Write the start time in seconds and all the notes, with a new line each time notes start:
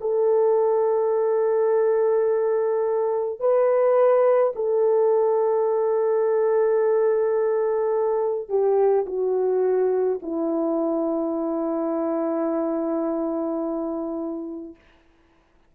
0.00 A4
3.40 B4
4.55 A4
8.49 G4
9.06 F#4
10.22 E4